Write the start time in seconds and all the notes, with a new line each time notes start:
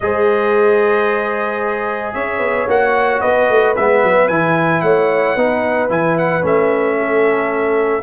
0.00 G#3 G#4 C5 D#5
2.13 C#4 C#5 E5
2.39 B3
2.67 A#3 F#4 F#5
3.20 B3 B4 D#5
3.49 A3
3.76 G#3 B3 E5
4.03 F#3
4.28 E3 E4 G#5
4.81 A3 C#5 F#5
5.35 B3 D#4 B4
5.89 E3 E4 G#5
6.18 F#5
6.41 A3 C#4 E5
6.98 A4